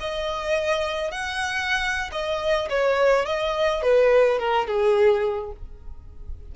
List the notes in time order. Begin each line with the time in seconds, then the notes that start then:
0.00 D#5
1.12 F#5
2.12 D#5
2.70 C#5
3.26 D#5
3.83 B4
4.39 A#4
4.67 G#4